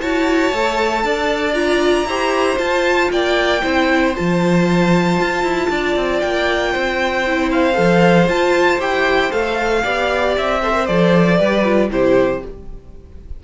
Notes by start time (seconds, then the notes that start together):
0.00 E4 F#4 C#5 A5
0.53 A3 A4
1.04 D4 D5
1.54 F4 A#5
2.05 E4 G4 C5
2.56 F4 A5
3.11 A#3 D5 G5
3.61 C4 E4 C5
4.15 F3 F4 A5
5.20 F4
5.43 E4
5.70 D4 D5
5.96 C4
6.20 A#3 G5
6.72 C4 C5
7.27 E4
7.51 F5
7.73 F3 A4
8.27 F4 A5
8.79 E4 G4 G5
9.30 A3 A4 F5
9.83 B3 G4 D5
10.37 C4 E5
10.62 A4 C5
10.73 A#4
10.86 F3 A4 D5
11.38 G3 G4 B4
11.65 F4
11.90 C3 E4 G4 C5